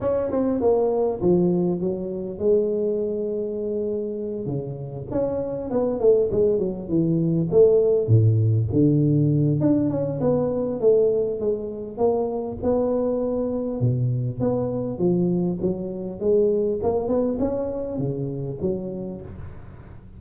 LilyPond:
\new Staff \with { instrumentName = "tuba" } { \time 4/4 \tempo 4 = 100 cis'8 c'8 ais4 f4 fis4 | gis2.~ gis8 cis8~ | cis8 cis'4 b8 a8 gis8 fis8 e8~ | e8 a4 a,4 d4. |
d'8 cis'8 b4 a4 gis4 | ais4 b2 b,4 | b4 f4 fis4 gis4 | ais8 b8 cis'4 cis4 fis4 | }